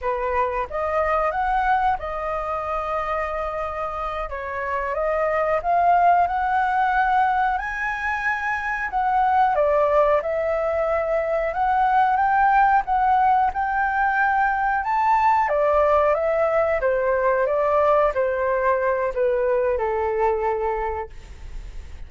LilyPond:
\new Staff \with { instrumentName = "flute" } { \time 4/4 \tempo 4 = 91 b'4 dis''4 fis''4 dis''4~ | dis''2~ dis''8 cis''4 dis''8~ | dis''8 f''4 fis''2 gis''8~ | gis''4. fis''4 d''4 e''8~ |
e''4. fis''4 g''4 fis''8~ | fis''8 g''2 a''4 d''8~ | d''8 e''4 c''4 d''4 c''8~ | c''4 b'4 a'2 | }